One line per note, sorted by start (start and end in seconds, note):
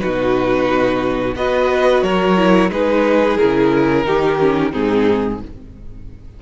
0.00 1.36 B2
0.00 1.35 D#4
0.00 1.37 F#4
0.00 1.35 B4
1.36 2.03 B3
1.36 2.37 F#4
1.36 2.04 B4
1.36 2.03 D#5
2.03 2.70 F#3
2.03 2.71 A#4
2.03 2.71 C#5
2.37 2.71 E4
2.71 3.38 G#3
2.71 3.38 D#4
2.71 4.06 G#4
2.71 3.38 B4
3.38 4.06 C#3
3.38 4.05 E4
3.38 4.73 A#4
4.05 4.74 D#3
4.05 4.39 D#4
4.05 4.72 G4
4.39 4.72 C#4
4.72 5.42 G#2
4.72 5.39 C4
4.72 5.39 D#4
4.72 5.41 G#4